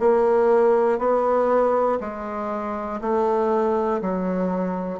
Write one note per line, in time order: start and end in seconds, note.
0.00 0.99 A#3
0.99 1.99 B3
2.00 3.00 G#3
3.01 4.01 A3
4.02 5.00 F#3